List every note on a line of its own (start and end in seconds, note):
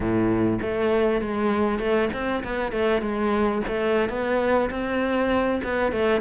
0.00 0.59 A2
0.61 1.21 A3
1.21 1.79 G#3
1.79 2.09 A3
2.13 2.43 C4
2.43 2.71 B3
2.71 3.01 A3
3.01 3.62 G#3
3.67 4.09 A3
4.09 4.69 B3
4.70 5.61 C4
5.63 5.92 B3
5.92 6.20 A3